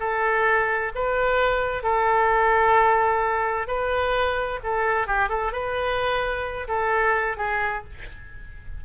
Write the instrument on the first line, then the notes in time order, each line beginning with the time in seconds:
oboe
0.00 A4
0.95 B4
1.83 A4
3.68 B4
4.64 A4
5.07 G4
5.29 A4
5.53 B4
6.68 A4
7.37 G#4